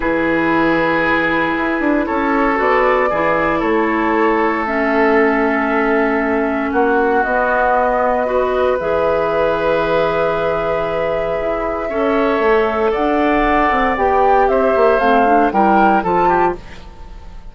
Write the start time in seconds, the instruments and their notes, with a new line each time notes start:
0.00 bassoon E3, clarinet E4, oboe G#4, flute B4
1.56 bassoon E4
1.79 bassoon D4
2.06 bassoon C#4, oboe A4, flute C#5
2.55 bassoon B3, clarinet F#4, flute D5
3.09 bassoon E3, clarinet E4, oboe G#4
3.59 bassoon A3, oboe A4, flute C#5
4.66 clarinet C#4, flute E5
6.71 bassoon A#3, oboe F#4, flute F#5
7.23 bassoon B3, clarinet B3, flute D#5
8.25 clarinet F#4, oboe B4
8.79 bassoon E3, clarinet G#4, flute E5
11.40 bassoon E4
11.89 bassoon C#4, clarinet A4, oboe C#5
12.39 bassoon A3
12.91 bassoon D4, oboe D5, flute F#5
13.70 bassoon C4
13.96 bassoon B3, clarinet G4, flute G5
14.48 bassoon C4, oboe C5, flute E5
14.75 bassoon A#3
14.98 bassoon A3, clarinet C4, flute F5
15.26 clarinet D4
15.51 bassoon G3, clarinet E4, oboe A#4, flute G5
16.03 bassoon F3, clarinet F4, oboe A4, flute A5
16.28 oboe G4